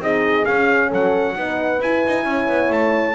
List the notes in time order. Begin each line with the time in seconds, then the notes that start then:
0.00 C4 D#4 G#4 D#5
0.46 C#4 F5
0.89 F#3 A4 F#5
1.35 B3 D#4 B4
1.81 E4 G#5
2.07 D#4
2.25 C#4 C#5
2.48 B3
2.70 A3 A5